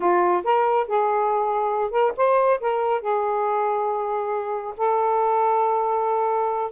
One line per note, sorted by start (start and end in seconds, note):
0.00 0.43 F4
0.44 0.87 A#4
0.87 1.91 G#4
1.91 2.12 A#4
2.16 2.60 C5
2.60 3.01 A#4
3.01 4.74 G#4
4.77 6.71 A4